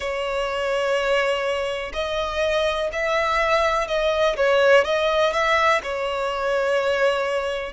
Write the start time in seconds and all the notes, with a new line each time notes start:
0.00 C#5
1.93 D#5
2.92 E5
3.87 D#5
4.36 C#5
4.84 D#5
5.32 E5
5.83 C#5